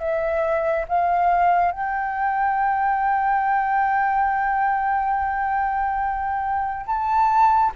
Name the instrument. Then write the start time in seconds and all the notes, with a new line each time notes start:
flute
0.00 E5
0.89 F5
1.72 G5
6.87 A5